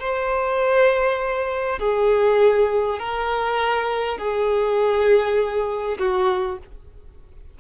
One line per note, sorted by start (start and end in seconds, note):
0.00 1.79 C5
1.79 2.99 G#4
2.99 4.18 A#4
4.18 5.98 G#4
5.98 6.58 F#4